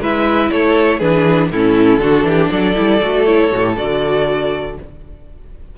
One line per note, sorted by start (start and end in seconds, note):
0.00 0.50 G#3
0.00 1.00 E4
0.00 0.51 B4
0.00 0.51 E5
0.51 1.00 A3
0.51 0.98 A4
0.51 1.00 C#5
0.98 1.50 E3
0.98 1.50 D4
0.98 1.48 G#4
0.98 1.50 B4
1.50 1.98 A2
1.50 2.00 C#4
1.50 2.01 E4
1.50 2.50 A4
1.98 2.23 D3
1.98 2.75 D4
1.98 2.26 F#4
2.23 2.48 E3
2.23 2.51 G4
2.50 2.76 F#3
2.50 4.76 A4
2.50 3.25 D5
2.75 3.02 G3
2.75 3.00 E4
3.02 3.52 A3
3.02 3.26 F#4
3.25 3.51 E4
3.25 3.75 C#5
3.52 3.77 A2
3.52 3.61 F#4
3.61 3.74 G4
3.77 4.77 D3
3.77 4.77 F#4
3.77 4.77 D5